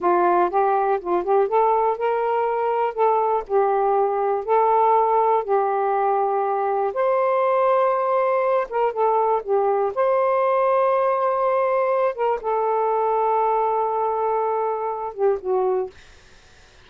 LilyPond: \new Staff \with { instrumentName = "saxophone" } { \time 4/4 \tempo 4 = 121 f'4 g'4 f'8 g'8 a'4 | ais'2 a'4 g'4~ | g'4 a'2 g'4~ | g'2 c''2~ |
c''4. ais'8 a'4 g'4 | c''1~ | c''8 ais'8 a'2.~ | a'2~ a'8 g'8 fis'4 | }